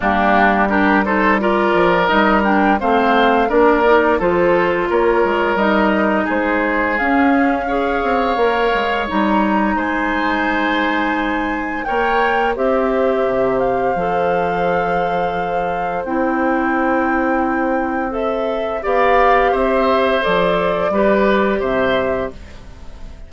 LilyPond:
<<
  \new Staff \with { instrumentName = "flute" } { \time 4/4 \tempo 4 = 86 g'4 ais'8 c''8 d''4 dis''8 g''8 | f''4 d''4 c''4 cis''4 | dis''4 c''4 f''2~ | f''4 ais''4 gis''2~ |
gis''4 g''4 e''4. f''8~ | f''2. g''4~ | g''2 e''4 f''4 | e''4 d''2 e''4 | }
  \new Staff \with { instrumentName = "oboe" } { \time 4/4 d'4 g'8 a'8 ais'2 | c''4 ais'4 a'4 ais'4~ | ais'4 gis'2 cis''4~ | cis''2 c''2~ |
c''4 cis''4 c''2~ | c''1~ | c''2. d''4 | c''2 b'4 c''4 | }
  \new Staff \with { instrumentName = "clarinet" } { \time 4/4 ais4 d'8 dis'8 f'4 dis'8 d'8 | c'4 d'8 dis'8 f'2 | dis'2 cis'4 gis'4 | ais'4 dis'2.~ |
dis'4 ais'4 g'2 | a'2. e'4~ | e'2 a'4 g'4~ | g'4 a'4 g'2 | }
  \new Staff \with { instrumentName = "bassoon" } { \time 4/4 g2~ g8 f8 g4 | a4 ais4 f4 ais8 gis8 | g4 gis4 cis'4. c'8 | ais8 gis8 g4 gis2~ |
gis4 ais4 c'4 c4 | f2. c'4~ | c'2. b4 | c'4 f4 g4 c4 | }
>>